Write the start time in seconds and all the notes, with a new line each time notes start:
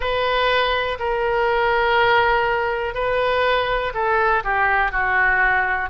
0.00 B4
0.99 A#4
2.94 B4
3.93 A4
4.44 G4
4.91 F#4